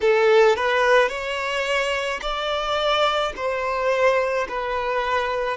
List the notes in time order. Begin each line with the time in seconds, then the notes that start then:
0.01 A4
0.56 B4
1.08 C#5
2.21 D5
3.36 C5
4.48 B4